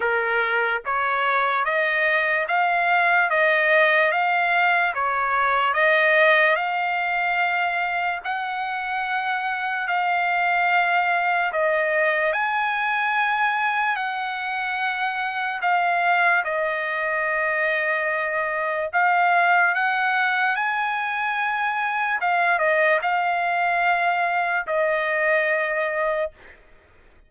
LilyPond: \new Staff \with { instrumentName = "trumpet" } { \time 4/4 \tempo 4 = 73 ais'4 cis''4 dis''4 f''4 | dis''4 f''4 cis''4 dis''4 | f''2 fis''2 | f''2 dis''4 gis''4~ |
gis''4 fis''2 f''4 | dis''2. f''4 | fis''4 gis''2 f''8 dis''8 | f''2 dis''2 | }